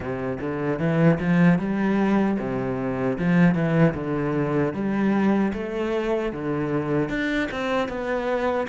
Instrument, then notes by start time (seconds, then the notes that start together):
cello
0.00 C3
0.40 D3
0.79 E3
1.19 F3
1.58 G3
2.39 C3
3.18 F3
3.54 E3
3.94 D3
4.73 G3
5.53 A3
6.32 D3
7.09 D4
7.51 C4
7.88 B3